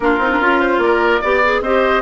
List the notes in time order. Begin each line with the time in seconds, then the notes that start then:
0.00 A#3 D4 F4 A#4
0.18 C4 D#4
0.30 D4
0.40 C#4 F4
0.60 C5
0.78 A#3 D5
0.84 A#4
1.21 B3 G4 D5
1.44 G#4
1.61 C4 G4 C5 D#5